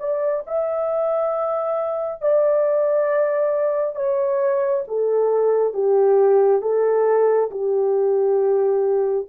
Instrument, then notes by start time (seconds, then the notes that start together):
horn
0.00 D5
0.47 E5
2.22 D5
3.96 C#5
4.89 A4
5.74 G4
6.62 A4
7.51 G4